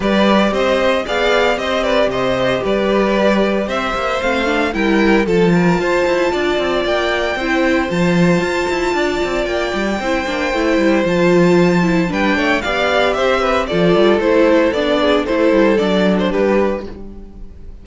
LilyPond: <<
  \new Staff \with { instrumentName = "violin" } { \time 4/4 \tempo 4 = 114 d''4 dis''4 f''4 dis''8 d''8 | dis''4 d''2 e''4 | f''4 g''4 a''2~ | a''4 g''2 a''4~ |
a''2 g''2~ | g''4 a''2 g''4 | f''4 e''4 d''4 c''4 | d''4 c''4 d''8. c''16 b'4 | }
  \new Staff \with { instrumentName = "violin" } { \time 4/4 b'4 c''4 d''4 c''8 b'8 | c''4 b'2 c''4~ | c''4 ais'4 a'8 ais'8 c''4 | d''2 c''2~ |
c''4 d''2 c''4~ | c''2. b'8 cis''8 | d''4 c''8 b'8 a'2~ | a'8 gis'8 a'2 g'4 | }
  \new Staff \with { instrumentName = "viola" } { \time 4/4 g'2 gis'4 g'4~ | g'1 | c'8 d'8 e'4 f'2~ | f'2 e'4 f'4~ |
f'2. e'8 d'8 | e'4 f'4. e'8 d'4 | g'2 f'4 e'4 | d'4 e'4 d'2 | }
  \new Staff \with { instrumentName = "cello" } { \time 4/4 g4 c'4 b4 c'4 | c4 g2 c'8 ais8 | a4 g4 f4 f'8 e'8 | d'8 c'8 ais4 c'4 f4 |
f'8 e'8 d'8 c'8 ais8 g8 c'8 ais8 | a8 g8 f2 g8 a8 | b4 c'4 f8 g8 a4 | b4 a8 g8 fis4 g4 | }
>>